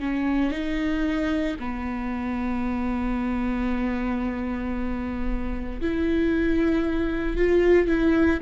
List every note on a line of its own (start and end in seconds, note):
0.00 0.51 C#4
0.51 1.56 D#4
1.60 5.81 B3
5.81 7.37 E4
7.37 7.88 F4
7.88 8.40 E4